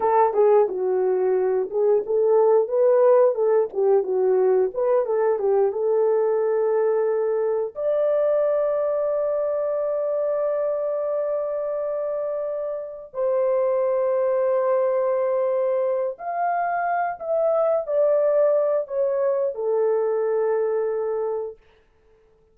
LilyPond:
\new Staff \with { instrumentName = "horn" } { \time 4/4 \tempo 4 = 89 a'8 gis'8 fis'4. gis'8 a'4 | b'4 a'8 g'8 fis'4 b'8 a'8 | g'8 a'2. d''8~ | d''1~ |
d''2.~ d''8 c''8~ | c''1 | f''4. e''4 d''4. | cis''4 a'2. | }